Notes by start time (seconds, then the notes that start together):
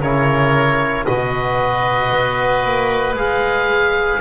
0.00 C#3 E4 A#4 C#5
1.05 B2 F#4 B4 D#5
2.12 B3
2.64 A#3
3.14 G#3 G#4 F5